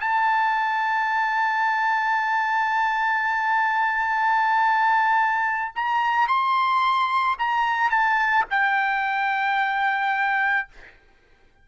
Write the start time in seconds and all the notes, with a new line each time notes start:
0.00 A5
5.76 A#5
6.28 C6
7.39 A#5
7.90 A5
8.50 G5